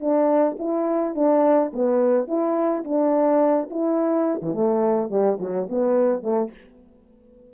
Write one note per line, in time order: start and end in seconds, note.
0.00 0.57 D4
0.59 1.15 E4
1.15 1.71 D4
1.73 2.27 B3
2.27 2.84 E4
2.84 3.69 D4
3.70 4.41 E4
4.42 4.54 E3
4.54 5.09 A3
5.09 5.38 G3
5.39 5.68 F#3
5.69 6.22 B3
6.22 6.50 A3